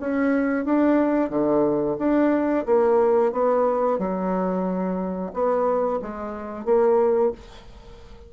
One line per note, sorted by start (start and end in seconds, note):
0.00 0.65 C#4
0.65 1.29 D4
1.29 1.96 D3
1.98 2.65 D4
2.65 3.32 A#3
3.32 3.98 B3
3.98 5.32 F#3
5.33 6.00 B3
6.02 6.65 G#3
6.65 7.31 A#3